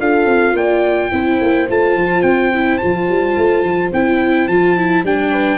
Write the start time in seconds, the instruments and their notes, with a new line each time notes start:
0.00 tuba D4, viola F4, horn A4, trumpet F5
0.26 tuba C4
0.54 tuba A#3, horn D5, trumpet G5
1.11 tuba C4, viola E4, horn C5
1.42 tuba A#3
1.69 tuba A3, viola F4, trumpet A5
1.96 tuba F3
2.23 tuba C4, trumpet G5
2.55 viola E4
2.78 viola F4, trumpet A5
2.85 tuba F3
3.09 tuba G3
3.38 tuba A3
3.63 tuba F3
3.93 tuba C4, viola E4, trumpet G5
4.48 tuba F3, viola F4, trumpet A5
4.78 viola E4
5.04 tuba G3, viola D4, trumpet G5
5.31 horn B4